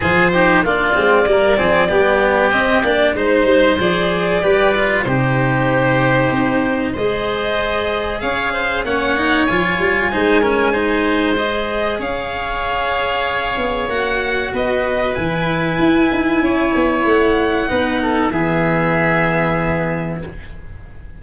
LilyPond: <<
  \new Staff \with { instrumentName = "violin" } { \time 4/4 \tempo 4 = 95 c''4 d''2. | dis''8 d''8 c''4 d''2 | c''2. dis''4~ | dis''4 f''4 fis''4 gis''4~ |
gis''2 dis''4 f''4~ | f''2 fis''4 dis''4 | gis''2. fis''4~ | fis''4 e''2. | }
  \new Staff \with { instrumentName = "oboe" } { \time 4/4 gis'8 g'8 f'4 ais'8 gis'8 g'4~ | g'4 c''2 b'4 | g'2. c''4~ | c''4 cis''8 c''8 cis''2 |
c''8 ais'8 c''2 cis''4~ | cis''2. b'4~ | b'2 cis''2 | b'8 a'8 gis'2. | }
  \new Staff \with { instrumentName = "cello" } { \time 4/4 f'8 dis'8 d'8 c'8 ais8 c'8 b4 | c'8 d'8 dis'4 gis'4 g'8 f'8 | dis'2. gis'4~ | gis'2 cis'8 dis'8 f'4 |
dis'8 cis'8 dis'4 gis'2~ | gis'2 fis'2 | e'1 | dis'4 b2. | }
  \new Staff \with { instrumentName = "tuba" } { \time 4/4 f4 ais8 gis8 g8 f8 g4 | c'8 ais8 gis8 g8 f4 g4 | c2 c'4 gis4~ | gis4 cis'4 ais4 f8 g8 |
gis2. cis'4~ | cis'4. b8 ais4 b4 | e4 e'8 dis'8 cis'8 b8 a4 | b4 e2. | }
>>